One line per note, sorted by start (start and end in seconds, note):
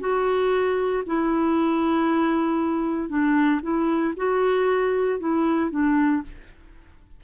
0.00 1.03 F#4
1.06 3.09 E4
3.09 3.61 D4
3.63 4.14 E4
4.17 5.20 F#4
5.20 5.71 E4
5.71 6.23 D4